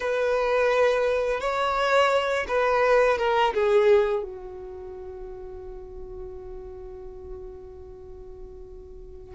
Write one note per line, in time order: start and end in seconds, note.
0.00 1.40 B4
1.40 2.46 C#5
2.48 3.18 B4
3.18 3.53 A#4
3.54 4.23 G#4
4.23 9.35 F#4